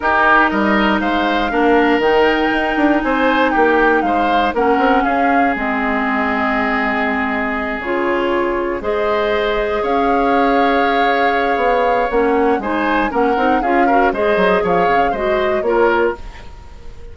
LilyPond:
<<
  \new Staff \with { instrumentName = "flute" } { \time 4/4 \tempo 4 = 119 ais'4 dis''4 f''2 | g''2 gis''4 g''4 | f''4 fis''4 f''4 dis''4~ | dis''2.~ dis''8 cis''8~ |
cis''4. dis''2 f''8~ | f''1 | fis''4 gis''4 fis''4 f''4 | dis''4 f''4 dis''4 cis''4 | }
  \new Staff \with { instrumentName = "oboe" } { \time 4/4 g'4 ais'4 c''4 ais'4~ | ais'2 c''4 g'4 | c''4 ais'4 gis'2~ | gis'1~ |
gis'4. c''2 cis''8~ | cis''1~ | cis''4 c''4 ais'4 gis'8 ais'8 | c''4 cis''4 c''4 ais'4 | }
  \new Staff \with { instrumentName = "clarinet" } { \time 4/4 dis'2. d'4 | dis'1~ | dis'4 cis'2 c'4~ | c'2.~ c'8 f'8~ |
f'4. gis'2~ gis'8~ | gis'1 | cis'4 dis'4 cis'8 dis'8 f'8 fis'8 | gis'2 fis'4 f'4 | }
  \new Staff \with { instrumentName = "bassoon" } { \time 4/4 dis'4 g4 gis4 ais4 | dis4 dis'8 d'8 c'4 ais4 | gis4 ais8 c'8 cis'4 gis4~ | gis2.~ gis8 cis8~ |
cis4. gis2 cis'8~ | cis'2. b4 | ais4 gis4 ais8 c'8 cis'4 | gis8 fis8 f8 cis8 gis4 ais4 | }
>>